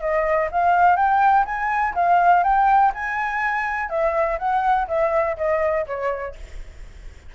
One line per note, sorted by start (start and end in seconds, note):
0.00 0.49 D#5
0.51 0.96 F5
0.96 1.45 G5
1.45 1.94 G#5
1.94 2.43 F5
2.43 2.92 G5
2.94 3.89 G#5
3.89 4.38 E5
4.39 4.87 F#5
4.88 5.37 E5
5.37 5.86 D#5
5.86 6.35 C#5